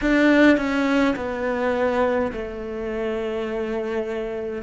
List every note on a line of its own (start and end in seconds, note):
0.01 0.57 D4
0.57 1.14 C#4
1.15 2.31 B3
2.32 4.62 A3